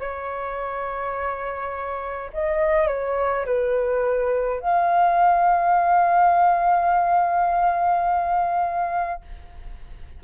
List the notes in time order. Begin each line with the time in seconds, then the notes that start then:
0.00 C#5
2.33 D#5
2.88 C#5
3.46 B4
4.61 F5